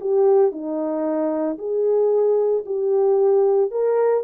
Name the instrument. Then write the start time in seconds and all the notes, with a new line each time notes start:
horn
0.00 G4
0.51 D#4
1.58 G#4
2.65 G4
3.70 A#4